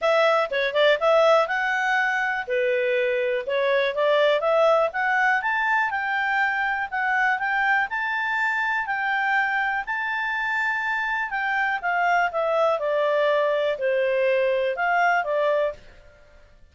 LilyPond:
\new Staff \with { instrumentName = "clarinet" } { \time 4/4 \tempo 4 = 122 e''4 cis''8 d''8 e''4 fis''4~ | fis''4 b'2 cis''4 | d''4 e''4 fis''4 a''4 | g''2 fis''4 g''4 |
a''2 g''2 | a''2. g''4 | f''4 e''4 d''2 | c''2 f''4 d''4 | }